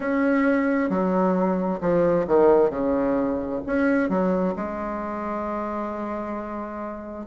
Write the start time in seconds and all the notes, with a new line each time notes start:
0.00 C#4
0.89 F#3
1.80 F3
2.27 D#3
2.70 C#3
3.66 C#4
4.09 F#3
4.55 G#3